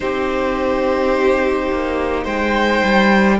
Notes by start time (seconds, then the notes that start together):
0.00 C4 D#4 G4 C5
1.72 A#3
2.24 G#3 C5 G5
2.83 G3